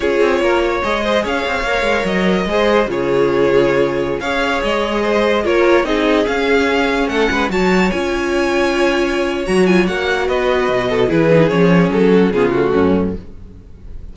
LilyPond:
<<
  \new Staff \with { instrumentName = "violin" } { \time 4/4 \tempo 4 = 146 cis''2 dis''4 f''4~ | f''4 dis''2 cis''4~ | cis''2~ cis''16 f''4 dis''8.~ | dis''4~ dis''16 cis''4 dis''4 f''8.~ |
f''4~ f''16 fis''4 a''4 gis''8.~ | gis''2. ais''8 gis''8 | fis''4 dis''2 b'4 | cis''4 a'4 gis'8 fis'4. | }
  \new Staff \with { instrumentName = "violin" } { \time 4/4 gis'4 ais'8 cis''4 c''8 cis''4~ | cis''2 c''4 gis'4~ | gis'2~ gis'16 cis''4.~ cis''16~ | cis''16 c''4 ais'4 gis'4.~ gis'16~ |
gis'4~ gis'16 a'8 b'8 cis''4.~ cis''16~ | cis''1~ | cis''4 b'4. a'8 gis'4~ | gis'4. fis'8 f'4 cis'4 | }
  \new Staff \with { instrumentName = "viola" } { \time 4/4 f'2 gis'2 | ais'2 gis'4 f'4~ | f'2~ f'16 gis'4.~ gis'16~ | gis'4~ gis'16 f'4 dis'4 cis'8.~ |
cis'2~ cis'16 fis'4 f'8.~ | f'2. fis'8 f'8 | fis'2. e'8 dis'8 | cis'2 b8 a4. | }
  \new Staff \with { instrumentName = "cello" } { \time 4/4 cis'8 c'8 ais4 gis4 cis'8 c'8 | ais8 gis8 fis4 gis4 cis4~ | cis2~ cis16 cis'4 gis8.~ | gis4~ gis16 ais4 c'4 cis'8.~ |
cis'4~ cis'16 a8 gis8 fis4 cis'8.~ | cis'2. fis4 | ais4 b4 b,4 e4 | f4 fis4 cis4 fis,4 | }
>>